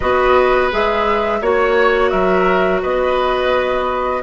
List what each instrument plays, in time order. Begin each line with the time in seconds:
0.00 bassoon B3, clarinet F#4, oboe B4, flute D#5
0.71 bassoon G#3, clarinet G#4, flute E5
1.41 bassoon A#3, clarinet F#4, oboe C#5, flute C#5
2.10 bassoon F#3, oboe A#4, flute E5
2.82 bassoon B3, oboe B4, flute D#5